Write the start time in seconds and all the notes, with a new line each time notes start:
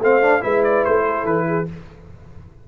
0.00 A3 C4 C5 F5
0.22 D4
0.41 G#3 E4 B4 E5
0.64 D5
0.85 A3 C5
1.08 A4
1.25 E3 B4
1.47 G#4